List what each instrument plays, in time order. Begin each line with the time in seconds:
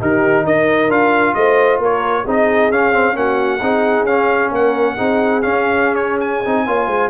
0.00 tuba D#3, trombone D#4, horn G4, trumpet A#4
0.44 tuba D#4, horn A#4, trumpet D#5
0.88 tuba D4, trombone F4, trumpet F5
1.35 tuba A3, horn C5, trumpet D#5
1.79 tuba A#3, horn A#4, trumpet C#5
2.24 tuba C4, trombone D#4, horn G#4
2.31 trumpet D#5
2.71 tuba C#4, trombone C#4, trumpet F5
2.92 trombone C4
3.14 tuba A#3, trombone C#4, horn F#4, trumpet F#5
3.61 tuba C4, trombone D#4, horn G#4
4.03 tuba C#4, trombone C#4, trumpet F5
4.51 tuba A#3, horn A#4, trumpet F#5
4.96 tuba C4, trombone D#4, horn G#4
5.42 trombone C#4, tuba C#4, trumpet F5
5.95 trumpet C#5
6.21 trumpet G#5
6.45 tuba C4, trombone D#4
6.66 tuba A#3, trombone F4, horn C#5
6.87 tuba G#3, horn C5